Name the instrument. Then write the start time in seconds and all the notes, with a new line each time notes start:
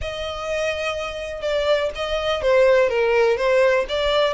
violin
0.01 D#5
1.41 D5
1.95 D#5
2.42 C5
2.89 A#4
3.37 C5
3.88 D5